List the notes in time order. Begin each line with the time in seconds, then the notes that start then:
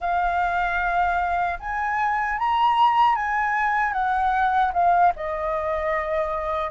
0.00 F5
1.59 G#5
2.39 A#5
3.15 G#5
3.93 F#5
4.73 F5
5.16 D#5